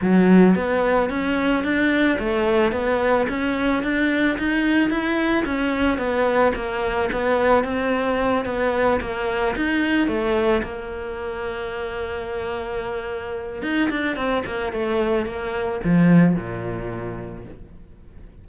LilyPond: \new Staff \with { instrumentName = "cello" } { \time 4/4 \tempo 4 = 110 fis4 b4 cis'4 d'4 | a4 b4 cis'4 d'4 | dis'4 e'4 cis'4 b4 | ais4 b4 c'4. b8~ |
b8 ais4 dis'4 a4 ais8~ | ais1~ | ais4 dis'8 d'8 c'8 ais8 a4 | ais4 f4 ais,2 | }